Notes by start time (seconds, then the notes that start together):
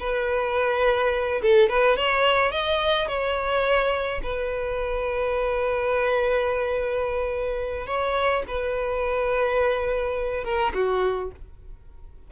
0.00 B4
1.42 A4
1.69 B4
1.97 C#5
2.51 D#5
3.08 C#5
4.23 B4
7.87 C#5
8.48 B4
10.44 A#4
10.74 F#4